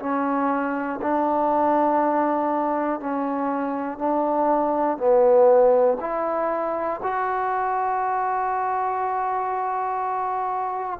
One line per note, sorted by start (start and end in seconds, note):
0.00 1.00 C#4
1.02 3.00 D4
3.00 3.99 C#4
3.99 4.98 D4
4.98 5.98 B3
6.00 7.00 E4
7.03 11.00 F#4